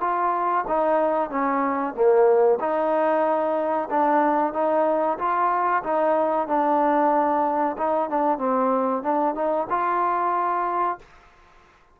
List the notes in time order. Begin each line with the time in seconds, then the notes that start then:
0.00 F4
0.67 D#4
1.30 C#4
1.94 A#3
2.60 D#4
3.89 D4
4.53 D#4
5.18 F4
5.83 D#4
6.47 D4
7.77 D#4
8.09 D4
8.38 C4
9.03 D4
9.34 D#4
9.69 F4